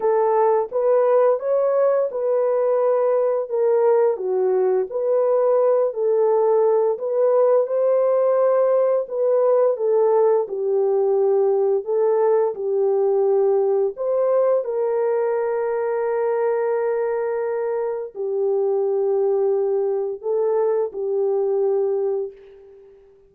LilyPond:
\new Staff \with { instrumentName = "horn" } { \time 4/4 \tempo 4 = 86 a'4 b'4 cis''4 b'4~ | b'4 ais'4 fis'4 b'4~ | b'8 a'4. b'4 c''4~ | c''4 b'4 a'4 g'4~ |
g'4 a'4 g'2 | c''4 ais'2.~ | ais'2 g'2~ | g'4 a'4 g'2 | }